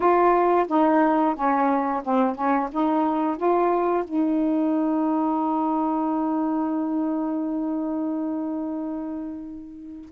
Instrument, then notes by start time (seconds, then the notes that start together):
saxophone
0.00 F4
0.67 D#4
1.35 C#4
2.04 C4
2.35 C#4
2.71 D#4
3.36 F4
4.04 D#4